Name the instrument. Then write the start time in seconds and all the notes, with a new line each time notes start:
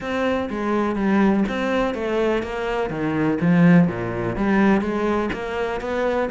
cello
0.00 C4
0.50 G#3
0.95 G3
1.48 C4
1.94 A3
2.42 A#3
2.89 D#3
3.40 F3
3.87 A#2
4.36 G3
4.81 G#3
5.32 A#3
5.80 B3